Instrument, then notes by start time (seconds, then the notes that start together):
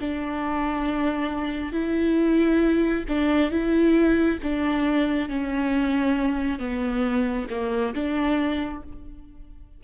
viola
0.00 D4
1.72 E4
3.08 D4
3.50 E4
4.43 D4
5.28 C#4
6.59 B3
7.50 A#3
7.94 D4